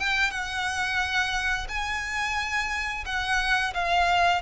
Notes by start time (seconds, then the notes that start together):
0.00 G5
0.31 F#5
1.69 G#5
3.06 F#5
3.74 F5